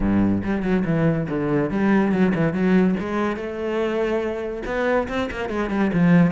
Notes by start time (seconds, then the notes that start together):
0.00 G2
0.43 G3
0.62 F#3
0.85 E3
1.29 D3
1.70 G3
2.11 F#3
2.34 E3
2.53 F#3
2.99 G#3
3.36 A3
4.65 B3
5.08 C4
5.31 A#3
5.49 G#3
5.70 G3
5.93 F3